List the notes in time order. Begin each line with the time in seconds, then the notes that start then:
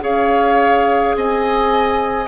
0.00 C#4 G#4 C#5 F5
1.15 C4 D#5 G#5